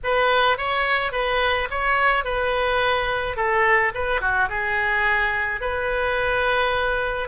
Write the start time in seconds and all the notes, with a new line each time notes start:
0.03 B4
0.57 C#5
1.12 B4
1.70 C#5
2.24 B4
3.36 A4
3.94 B4
4.20 F#4
4.49 G#4
5.60 B4